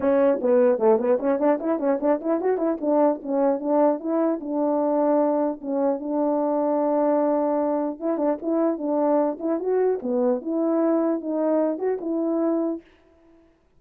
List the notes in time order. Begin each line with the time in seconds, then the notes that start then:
0.00 C#4
0.41 B3
0.78 A3
0.99 B3
1.19 C#4
1.39 D4
1.60 E4
1.79 C#4
2.00 D4
2.21 E4
2.40 F#4
2.57 E4
2.80 D4
3.22 C#4
3.59 D4
3.99 E4
4.40 D4
5.61 C#4
5.99 D4
7.99 E4
8.17 D4
8.41 E4
8.77 D4
9.39 E4
9.59 F#4
10.02 B3
10.41 E4
11.20 D#4
11.78 F#4
12.01 E4